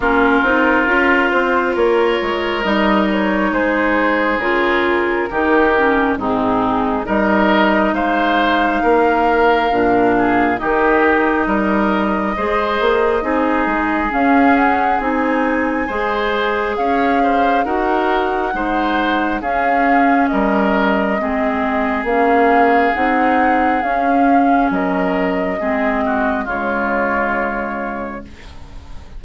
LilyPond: <<
  \new Staff \with { instrumentName = "flute" } { \time 4/4 \tempo 4 = 68 ais'4. c''8 cis''4 dis''8 cis''8 | c''4 ais'2 gis'4 | dis''4 f''2. | dis''1 |
f''8 fis''8 gis''2 f''4 | fis''2 f''4 dis''4~ | dis''4 f''4 fis''4 f''4 | dis''2 cis''2 | }
  \new Staff \with { instrumentName = "oboe" } { \time 4/4 f'2 ais'2 | gis'2 g'4 dis'4 | ais'4 c''4 ais'4. gis'8 | g'4 ais'4 c''4 gis'4~ |
gis'2 c''4 cis''8 c''8 | ais'4 c''4 gis'4 ais'4 | gis'1 | ais'4 gis'8 fis'8 f'2 | }
  \new Staff \with { instrumentName = "clarinet" } { \time 4/4 cis'8 dis'8 f'2 dis'4~ | dis'4 f'4 dis'8 cis'8 c'4 | dis'2. d'4 | dis'2 gis'4 dis'4 |
cis'4 dis'4 gis'2 | fis'4 dis'4 cis'2 | c'4 cis'4 dis'4 cis'4~ | cis'4 c'4 gis2 | }
  \new Staff \with { instrumentName = "bassoon" } { \time 4/4 ais8 c'8 cis'8 c'8 ais8 gis8 g4 | gis4 cis4 dis4 gis,4 | g4 gis4 ais4 ais,4 | dis4 g4 gis8 ais8 c'8 gis8 |
cis'4 c'4 gis4 cis'4 | dis'4 gis4 cis'4 g4 | gis4 ais4 c'4 cis'4 | fis4 gis4 cis2 | }
>>